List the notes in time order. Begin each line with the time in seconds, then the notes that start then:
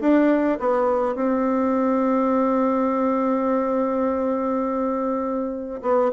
0.00 D4
0.59 B3
1.15 C4
5.82 B3